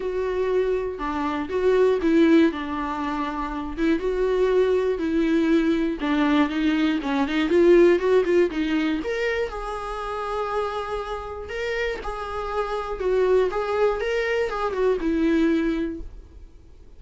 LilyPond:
\new Staff \with { instrumentName = "viola" } { \time 4/4 \tempo 4 = 120 fis'2 d'4 fis'4 | e'4 d'2~ d'8 e'8 | fis'2 e'2 | d'4 dis'4 cis'8 dis'8 f'4 |
fis'8 f'8 dis'4 ais'4 gis'4~ | gis'2. ais'4 | gis'2 fis'4 gis'4 | ais'4 gis'8 fis'8 e'2 | }